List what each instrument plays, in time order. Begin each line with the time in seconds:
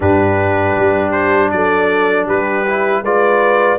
0.00 tuba G2, trombone D4, horn G4, trumpet B4
0.78 tuba G3
1.11 trumpet C5
1.51 tuba F#3, horn A4, trumpet D5
2.26 tuba G3, horn G4, trumpet B4
2.67 trombone E4
3.01 tuba G#3, trombone F4, horn B4, trumpet D5